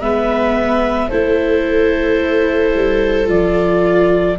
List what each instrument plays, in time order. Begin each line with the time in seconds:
0.00 tuba G#3, viola B3 B4, clarinet E5
1.09 tuba A3, viola E4 A4, clarinet C5
2.75 tuba G3
3.26 tuba F3, viola F4, clarinet D5